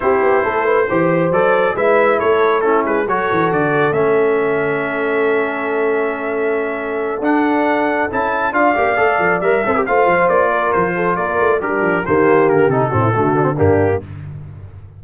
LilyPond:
<<
  \new Staff \with { instrumentName = "trumpet" } { \time 4/4 \tempo 4 = 137 c''2. d''4 | e''4 cis''4 a'8 b'8 cis''4 | d''4 e''2.~ | e''1~ |
e''8 fis''2 a''4 f''8~ | f''4. e''4 f''4 d''8~ | d''8 c''4 d''4 ais'4 c''8~ | c''8 ais'8 a'2 g'4 | }
  \new Staff \with { instrumentName = "horn" } { \time 4/4 g'4 a'8 b'8 c''2 | b'4 a'4 e'4 a'4~ | a'1~ | a'1~ |
a'2.~ a'8 d''8~ | d''2 c''16 ais'16 c''4. | ais'4 a'8 ais'4 d'4 g'8~ | g'4. fis'16 e'16 fis'4 d'4 | }
  \new Staff \with { instrumentName = "trombone" } { \time 4/4 e'2 g'4 a'4 | e'2 cis'4 fis'4~ | fis'4 cis'2.~ | cis'1~ |
cis'8 d'2 e'4 f'8 | g'8 a'4 ais'8 a'16 g'16 f'4.~ | f'2~ f'8 g'4 ais8~ | ais4 dis'8 c'8 a8 d'16 c'16 ais4 | }
  \new Staff \with { instrumentName = "tuba" } { \time 4/4 c'8 b8 a4 e4 fis4 | gis4 a4. gis8 fis8 e8 | d4 a2.~ | a1~ |
a8 d'2 cis'4 d'8 | ais8 a8 f8 g8 c'8 a8 f8 ais8~ | ais8 f4 ais8 a8 g8 f8 dis8~ | dis8 d8 c8 a,8 d4 g,4 | }
>>